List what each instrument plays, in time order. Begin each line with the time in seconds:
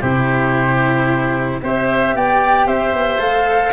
0.00 tuba C3, cello E4, oboe G4, flute C5
1.62 tuba C4, cello G4, oboe C5, flute E5
2.15 tuba B3, oboe D5, flute G5
2.66 tuba C4, oboe C5, flute E5
2.93 tuba B3
3.18 tuba A3, cello A4, flute F5